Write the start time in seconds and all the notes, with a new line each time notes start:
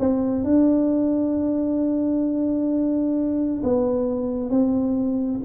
0.00 C4
0.44 D4
3.64 B3
4.50 C4